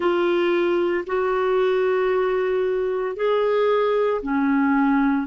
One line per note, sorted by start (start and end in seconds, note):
0.00 1.04 F4
1.06 3.16 F#4
3.16 4.21 G#4
4.22 5.27 C#4